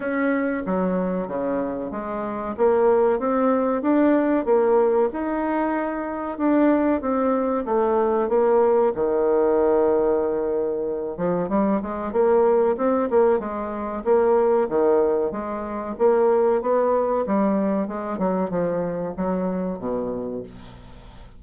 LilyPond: \new Staff \with { instrumentName = "bassoon" } { \time 4/4 \tempo 4 = 94 cis'4 fis4 cis4 gis4 | ais4 c'4 d'4 ais4 | dis'2 d'4 c'4 | a4 ais4 dis2~ |
dis4. f8 g8 gis8 ais4 | c'8 ais8 gis4 ais4 dis4 | gis4 ais4 b4 g4 | gis8 fis8 f4 fis4 b,4 | }